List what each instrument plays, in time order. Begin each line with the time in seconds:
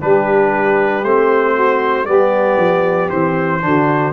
0.00 tuba G3, trombone D4, saxophone G4, trumpet B4
1.02 tuba A3, trombone C4, trumpet C5
1.53 saxophone F#4
2.05 tuba G3, trombone B3, saxophone G4, trumpet D5
2.58 tuba F3
3.09 tuba E3, trombone C4, trumpet C5
3.61 tuba D3, trombone D4, saxophone F#4